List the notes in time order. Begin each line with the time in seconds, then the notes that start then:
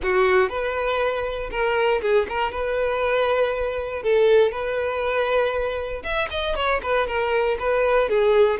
0.03 F#4
0.49 B4
1.50 A#4
2.01 G#4
2.28 A#4
2.51 B4
4.02 A4
4.51 B4
6.03 E5
6.30 D#5
6.55 C#5
6.82 B4
7.07 A#4
7.59 B4
8.09 G#4